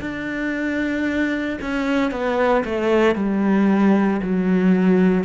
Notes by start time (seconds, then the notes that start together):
0.00 D4
1.61 C#4
2.11 B3
2.65 A3
3.15 G3
4.22 F#3